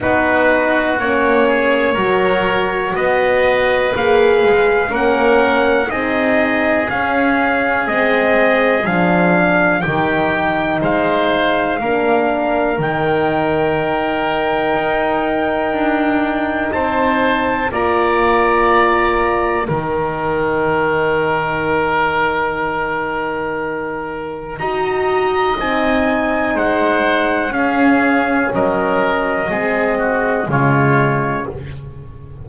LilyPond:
<<
  \new Staff \with { instrumentName = "trumpet" } { \time 4/4 \tempo 4 = 61 b'4 cis''2 dis''4 | f''4 fis''4 dis''4 f''4 | dis''4 f''4 g''4 f''4~ | f''4 g''2.~ |
g''4 a''4 ais''2 | g''1~ | g''4 ais''4 gis''4 fis''4 | f''4 dis''2 cis''4 | }
  \new Staff \with { instrumentName = "oboe" } { \time 4/4 fis'4. gis'8 ais'4 b'4~ | b'4 ais'4 gis'2~ | gis'2 g'4 c''4 | ais'1~ |
ais'4 c''4 d''2 | ais'1~ | ais'4 dis''2 c''4 | gis'4 ais'4 gis'8 fis'8 f'4 | }
  \new Staff \with { instrumentName = "horn" } { \time 4/4 dis'4 cis'4 fis'2 | gis'4 cis'4 dis'4 cis'4 | c'4 d'4 dis'2 | d'4 dis'2.~ |
dis'2 f'2 | dis'1~ | dis'4 fis'4 dis'2 | cis'2 c'4 gis4 | }
  \new Staff \with { instrumentName = "double bass" } { \time 4/4 b4 ais4 fis4 b4 | ais8 gis8 ais4 c'4 cis'4 | gis4 f4 dis4 gis4 | ais4 dis2 dis'4 |
d'4 c'4 ais2 | dis1~ | dis4 dis'4 c'4 gis4 | cis'4 fis4 gis4 cis4 | }
>>